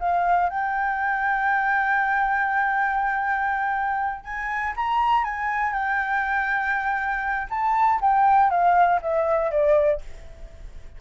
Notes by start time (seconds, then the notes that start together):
0.00 F5
0.50 G5
4.24 G#5
4.76 A#5
5.25 G#5
5.73 G5
7.50 A5
8.01 G5
8.50 F5
9.02 E5
9.51 D5